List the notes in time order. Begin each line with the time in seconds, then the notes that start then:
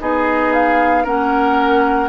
0.00 B3 D#4 G#4 D#5
0.53 F5
1.04 A#3 C#4 A#4 F#5